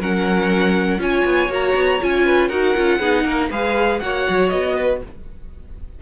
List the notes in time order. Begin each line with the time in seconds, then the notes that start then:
0.00 F#3 C#4 A#4 F#5
0.99 C#4 F4 C#5 G#5
1.25 B3
1.49 A#3 F#4 A#5
1.75 B3
2.01 C#4 F4 G#5
2.26 B4
2.49 D#4 F#4 A#4 F#5
2.76 C#4 F4
2.99 B3 D#4 G#4
3.25 A#3 A#4
3.51 G#3 G#4 B4 F5
4.00 A#3 F#4 C#5 F#5
4.30 F#3
4.50 B3 D#5
4.76 B4